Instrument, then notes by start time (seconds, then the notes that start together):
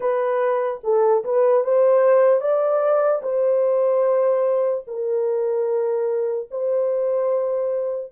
horn
0.00 B4
0.83 A4
1.24 B4
1.64 C5
2.40 D5
3.22 C5
4.86 A#4
6.50 C5